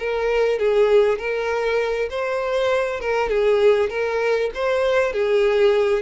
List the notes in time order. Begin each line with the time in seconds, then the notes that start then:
0.00 A#4
0.59 G#4
1.19 A#4
2.10 C5
3.01 A#4
3.30 G#4
3.90 A#4
4.55 C5
5.13 G#4